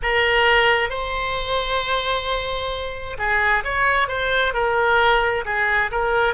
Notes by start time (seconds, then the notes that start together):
0.02 A#4
0.89 C5
3.18 G#4
3.64 C#5
4.08 C5
4.53 A#4
5.45 G#4
5.91 A#4